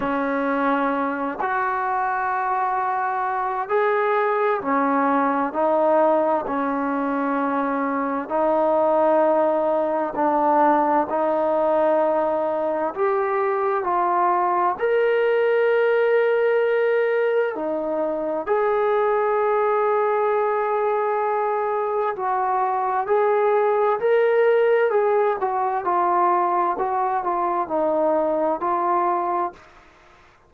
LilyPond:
\new Staff \with { instrumentName = "trombone" } { \time 4/4 \tempo 4 = 65 cis'4. fis'2~ fis'8 | gis'4 cis'4 dis'4 cis'4~ | cis'4 dis'2 d'4 | dis'2 g'4 f'4 |
ais'2. dis'4 | gis'1 | fis'4 gis'4 ais'4 gis'8 fis'8 | f'4 fis'8 f'8 dis'4 f'4 | }